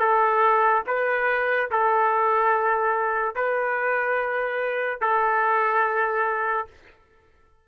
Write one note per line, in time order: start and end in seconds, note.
0.00 0.83 A4
0.87 1.70 B4
1.72 3.36 A4
3.36 5.02 B4
5.02 6.68 A4